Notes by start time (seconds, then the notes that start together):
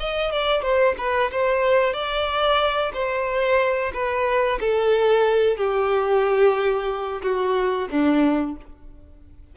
0.00 D#5
0.32 D5
0.63 C5
0.98 B4
1.32 C5
1.94 D5
2.94 C5
3.94 B4
4.60 A4
5.57 G4
7.23 F#4
7.91 D4